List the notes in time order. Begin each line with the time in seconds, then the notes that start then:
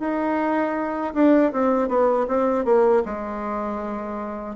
0.00 D#4
1.14 D4
1.53 C4
1.88 B3
2.28 C4
2.65 A#3
3.06 G#3